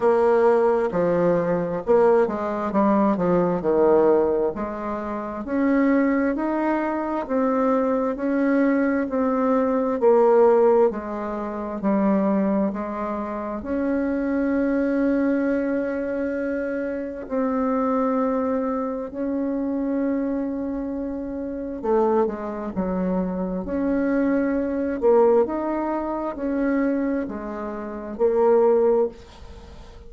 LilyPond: \new Staff \with { instrumentName = "bassoon" } { \time 4/4 \tempo 4 = 66 ais4 f4 ais8 gis8 g8 f8 | dis4 gis4 cis'4 dis'4 | c'4 cis'4 c'4 ais4 | gis4 g4 gis4 cis'4~ |
cis'2. c'4~ | c'4 cis'2. | a8 gis8 fis4 cis'4. ais8 | dis'4 cis'4 gis4 ais4 | }